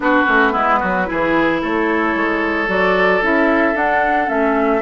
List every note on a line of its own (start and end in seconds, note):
0.00 0.22 B3
0.00 0.25 D4
0.00 0.52 F#4
0.00 1.61 B4
0.25 0.54 A3
0.25 0.51 C#4
0.51 0.81 G#3
0.51 1.05 B3
0.51 0.79 E4
0.79 1.09 F#3
0.79 1.06 F#4
1.06 1.62 E3
1.06 2.66 E4
1.06 1.61 G#4
1.61 2.15 A3
1.61 4.82 A4
1.61 2.69 C#5
2.15 2.68 G#3
2.67 3.21 F#3
2.67 3.21 F#4
2.67 3.22 D5
3.21 3.74 C#4
3.21 3.74 E4
3.21 3.76 E5
3.74 4.27 D4
3.74 4.29 F#5
4.27 4.82 A3
4.27 4.80 C#4
4.27 4.82 E5